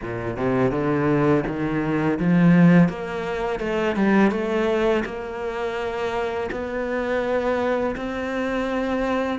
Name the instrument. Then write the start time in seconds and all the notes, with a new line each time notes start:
cello
0.02 A#2
0.36 C3
0.71 D3
1.46 D#3
2.19 F3
2.88 A#3
3.59 A3
3.96 G3
4.31 A3
5.05 A#3
6.51 B3
7.96 C4